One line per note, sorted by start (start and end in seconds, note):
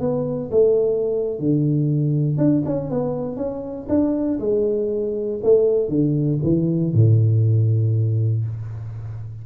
0.00 0.50 B3
0.51 1.39 A3
1.39 2.37 D3
2.37 2.63 D4
2.65 2.90 C#4
2.90 3.36 B3
3.36 3.87 C#4
3.89 4.39 D4
4.39 5.40 G#3
5.43 5.89 A3
5.89 6.39 D3
6.43 6.93 E3
6.93 8.45 A2